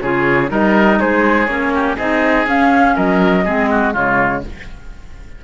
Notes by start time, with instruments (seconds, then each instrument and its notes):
0.00 cello C#3, clarinet F4, oboe G#4, flute C#5
0.48 cello G3, clarinet D#4, oboe A#4, flute D#5
0.99 cello G#3, oboe G#4, flute C5
1.46 cello A#3, clarinet C#4, flute C#5
1.73 oboe G4
1.96 cello C4, clarinet D#4, oboe G#4, flute D#5
2.46 cello C#4, clarinet C#4, flute F5
2.95 cello F#3, oboe A#4, flute D#5
3.44 cello G#3, clarinet C4, oboe G#4
3.70 oboe F#4
3.93 cello C#3, clarinet G#3, oboe F4, flute C#5